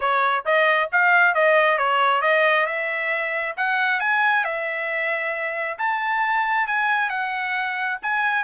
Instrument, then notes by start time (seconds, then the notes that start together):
trumpet
0.00 C#5
0.45 D#5
0.92 F5
1.34 D#5
1.77 C#5
2.21 D#5
2.66 E5
3.56 F#5
4.00 G#5
4.44 E5
5.78 A5
6.67 G#5
7.09 F#5
8.02 G#5